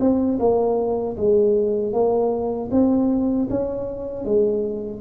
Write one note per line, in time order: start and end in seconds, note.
0.00 0.38 C4
0.39 1.16 A#3
1.17 1.93 G#3
1.93 2.70 A#3
2.71 3.48 C4
3.50 4.25 C#4
4.25 5.01 G#3